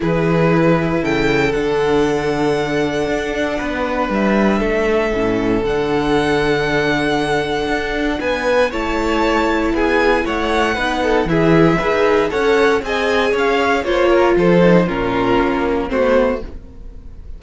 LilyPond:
<<
  \new Staff \with { instrumentName = "violin" } { \time 4/4 \tempo 4 = 117 b'2 g''4 fis''4~ | fis''1 | e''2. fis''4~ | fis''1 |
gis''4 a''2 gis''4 | fis''2 e''2 | fis''4 gis''4 f''4 cis''4 | c''4 ais'2 c''4 | }
  \new Staff \with { instrumentName = "violin" } { \time 4/4 gis'2 a'2~ | a'2. b'4~ | b'4 a'2.~ | a'1 |
b'4 cis''2 gis'4 | cis''4 b'8 a'8 gis'4 b'4 | cis''4 dis''4 cis''4 c''8 ais'8 | a'4 f'2 fis'4 | }
  \new Staff \with { instrumentName = "viola" } { \time 4/4 e'2. d'4~ | d'1~ | d'2 cis'4 d'4~ | d'1~ |
d'4 e'2.~ | e'4 dis'4 e'4 gis'4 | a'4 gis'2 f'4~ | f'8 dis'8 cis'2 c'16 b8. | }
  \new Staff \with { instrumentName = "cello" } { \time 4/4 e2 cis4 d4~ | d2 d'4 b4 | g4 a4 a,4 d4~ | d2. d'4 |
b4 a2 b4 | a4 b4 e4 e'16 dis'8. | cis'4 c'4 cis'4 ais4 | f4 ais,4 ais4 a4 | }
>>